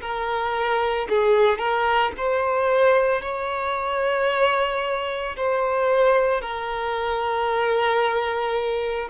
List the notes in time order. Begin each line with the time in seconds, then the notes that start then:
0.00 A#4
1.09 G#4
1.58 A#4
2.17 C5
3.21 C#5
5.36 C5
6.40 A#4